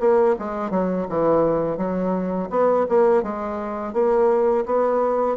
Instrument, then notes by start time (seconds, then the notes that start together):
bassoon
0.00 A#3
0.39 G#3
0.70 F#3
1.09 E3
1.77 F#3
2.50 B3
2.89 A#3
3.23 G#3
3.93 A#3
4.66 B3